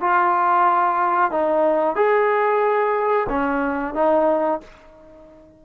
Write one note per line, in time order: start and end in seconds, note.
0.00 1.31 F4
1.31 1.95 D#4
1.95 3.27 G#4
3.29 3.94 C#4
3.94 4.60 D#4